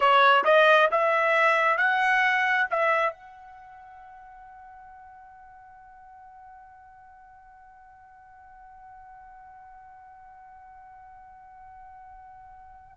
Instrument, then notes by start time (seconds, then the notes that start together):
trumpet
0.00 C#5
0.44 D#5
0.91 E5
1.77 F#5
2.70 E5
3.13 F#5